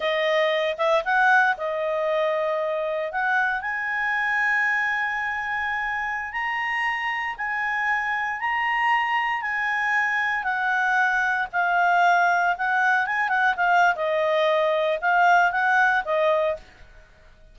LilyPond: \new Staff \with { instrumentName = "clarinet" } { \time 4/4 \tempo 4 = 116 dis''4. e''8 fis''4 dis''4~ | dis''2 fis''4 gis''4~ | gis''1~ | gis''16 ais''2 gis''4.~ gis''16~ |
gis''16 ais''2 gis''4.~ gis''16~ | gis''16 fis''2 f''4.~ f''16~ | f''16 fis''4 gis''8 fis''8 f''8. dis''4~ | dis''4 f''4 fis''4 dis''4 | }